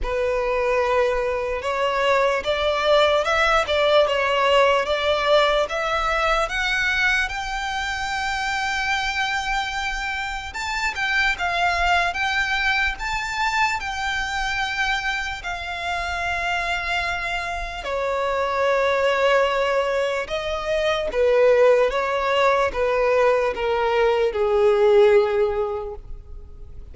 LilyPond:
\new Staff \with { instrumentName = "violin" } { \time 4/4 \tempo 4 = 74 b'2 cis''4 d''4 | e''8 d''8 cis''4 d''4 e''4 | fis''4 g''2.~ | g''4 a''8 g''8 f''4 g''4 |
a''4 g''2 f''4~ | f''2 cis''2~ | cis''4 dis''4 b'4 cis''4 | b'4 ais'4 gis'2 | }